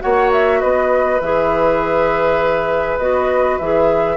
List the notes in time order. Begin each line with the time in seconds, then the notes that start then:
0.00 A#3 F#4 C#5 F#5
0.32 E5
0.60 B3 B4 D#5
1.20 E3 G#4 E5
2.98 B3 F#4 D#5
3.58 E3 G#4 E5